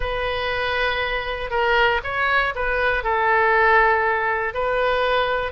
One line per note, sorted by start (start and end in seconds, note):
0.00 1.50 B4
1.50 2.01 A#4
2.03 2.53 C#5
2.55 3.03 B4
3.03 4.54 A4
4.54 5.51 B4